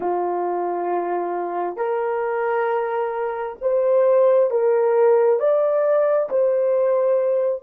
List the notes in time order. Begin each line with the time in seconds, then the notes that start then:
0.00 F4
1.76 A#4
3.61 C5
4.50 A#4
5.39 D5
6.29 C5